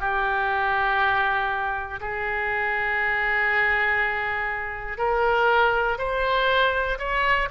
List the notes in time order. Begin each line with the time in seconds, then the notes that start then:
0.00 G4
2.00 G#4
4.98 A#4
5.98 C5
6.99 C#5